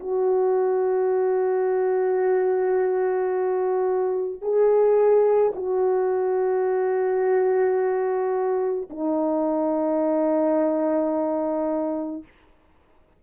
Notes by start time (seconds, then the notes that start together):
0.00 F#4
4.42 G#4
5.56 F#4
8.90 D#4